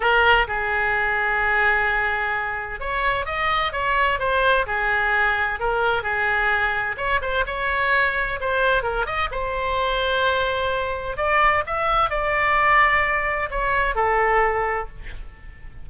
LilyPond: \new Staff \with { instrumentName = "oboe" } { \time 4/4 \tempo 4 = 129 ais'4 gis'2.~ | gis'2 cis''4 dis''4 | cis''4 c''4 gis'2 | ais'4 gis'2 cis''8 c''8 |
cis''2 c''4 ais'8 dis''8 | c''1 | d''4 e''4 d''2~ | d''4 cis''4 a'2 | }